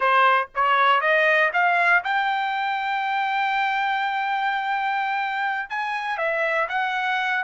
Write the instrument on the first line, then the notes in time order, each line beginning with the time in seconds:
trumpet
0.00 C5
0.54 C#5
1.00 D#5
1.53 F5
2.04 G5
5.69 G#5
6.17 E5
6.68 F#5